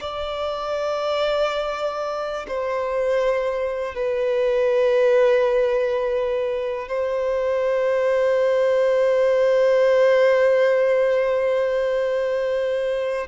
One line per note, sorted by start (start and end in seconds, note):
0.00 2.46 D5
2.47 3.95 C5
3.95 6.88 B4
6.88 13.27 C5